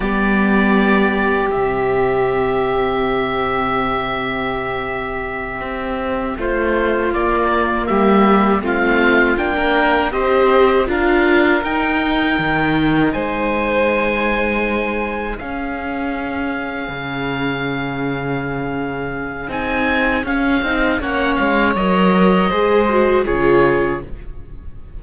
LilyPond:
<<
  \new Staff \with { instrumentName = "oboe" } { \time 4/4 \tempo 4 = 80 d''2 e''2~ | e''1~ | e''8 c''4 d''4 e''4 f''8~ | f''8 g''4 dis''4 f''4 g''8~ |
g''4. gis''2~ gis''8~ | gis''8 f''2.~ f''8~ | f''2 gis''4 f''4 | fis''8 f''8 dis''2 cis''4 | }
  \new Staff \with { instrumentName = "violin" } { \time 4/4 g'1~ | g'1~ | g'8 f'2 g'4 f'8~ | f'8. ais'8. c''4 ais'4.~ |
ais'4. c''2~ c''8~ | c''8 gis'2.~ gis'8~ | gis'1 | cis''2 c''4 gis'4 | }
  \new Staff \with { instrumentName = "viola" } { \time 4/4 b2 c'2~ | c'1~ | c'4. ais2 c'8~ | c'8 d'4 g'4 f'4 dis'8~ |
dis'1~ | dis'8 cis'2.~ cis'8~ | cis'2 dis'4 cis'8 dis'8 | cis'4 ais'4 gis'8 fis'8 f'4 | }
  \new Staff \with { instrumentName = "cello" } { \time 4/4 g2 c2~ | c2.~ c8 c'8~ | c'8 a4 ais4 g4 a8~ | a8 ais4 c'4 d'4 dis'8~ |
dis'8 dis4 gis2~ gis8~ | gis8 cis'2 cis4.~ | cis2 c'4 cis'8 c'8 | ais8 gis8 fis4 gis4 cis4 | }
>>